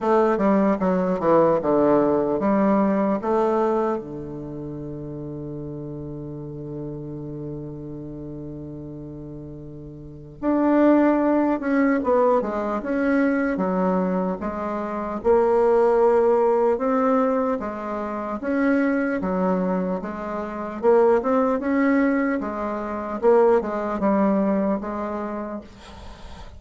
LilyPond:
\new Staff \with { instrumentName = "bassoon" } { \time 4/4 \tempo 4 = 75 a8 g8 fis8 e8 d4 g4 | a4 d2.~ | d1~ | d4 d'4. cis'8 b8 gis8 |
cis'4 fis4 gis4 ais4~ | ais4 c'4 gis4 cis'4 | fis4 gis4 ais8 c'8 cis'4 | gis4 ais8 gis8 g4 gis4 | }